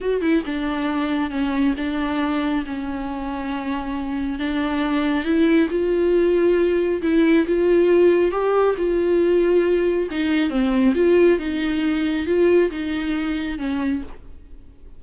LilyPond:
\new Staff \with { instrumentName = "viola" } { \time 4/4 \tempo 4 = 137 fis'8 e'8 d'2 cis'4 | d'2 cis'2~ | cis'2 d'2 | e'4 f'2. |
e'4 f'2 g'4 | f'2. dis'4 | c'4 f'4 dis'2 | f'4 dis'2 cis'4 | }